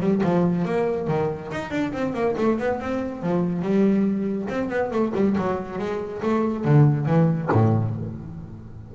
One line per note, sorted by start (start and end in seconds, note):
0.00 0.21 G3
0.23 0.64 F3
0.64 1.07 A#3
1.07 1.50 D#3
1.52 1.70 D#4
1.70 1.92 D4
1.92 2.14 C4
2.14 2.35 A#3
2.37 2.58 A3
2.58 2.79 B3
2.79 3.22 C4
3.22 3.62 F3
3.62 4.47 G3
4.48 4.69 C4
4.69 4.91 B3
4.91 5.12 A3
5.14 5.36 G3
5.37 5.78 F#3
5.78 6.21 G#3
6.22 6.64 A3
6.64 7.06 D3
7.06 7.49 E3
7.51 7.94 A2